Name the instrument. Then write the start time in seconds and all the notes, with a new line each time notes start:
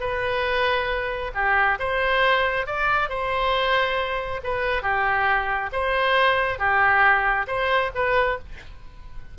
oboe
0.00 B4
1.34 G4
1.79 C5
2.66 D5
3.09 C5
4.43 B4
4.82 G4
5.72 C5
6.59 G4
7.47 C5
7.94 B4